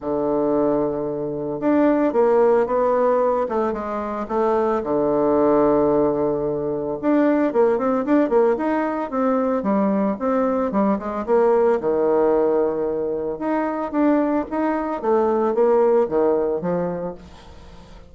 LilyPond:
\new Staff \with { instrumentName = "bassoon" } { \time 4/4 \tempo 4 = 112 d2. d'4 | ais4 b4. a8 gis4 | a4 d2.~ | d4 d'4 ais8 c'8 d'8 ais8 |
dis'4 c'4 g4 c'4 | g8 gis8 ais4 dis2~ | dis4 dis'4 d'4 dis'4 | a4 ais4 dis4 f4 | }